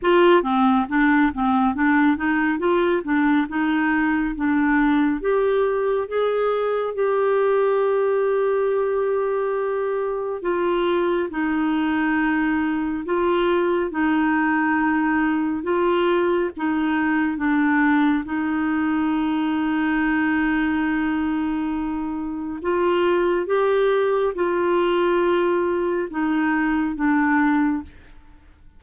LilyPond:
\new Staff \with { instrumentName = "clarinet" } { \time 4/4 \tempo 4 = 69 f'8 c'8 d'8 c'8 d'8 dis'8 f'8 d'8 | dis'4 d'4 g'4 gis'4 | g'1 | f'4 dis'2 f'4 |
dis'2 f'4 dis'4 | d'4 dis'2.~ | dis'2 f'4 g'4 | f'2 dis'4 d'4 | }